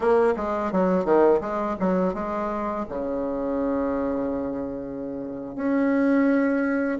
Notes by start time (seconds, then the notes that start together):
0.00 A#3
0.36 G#3
0.71 F#3
1.05 D#3
1.41 G#3
1.79 F#3
2.14 G#3
2.88 C#3
5.55 C#4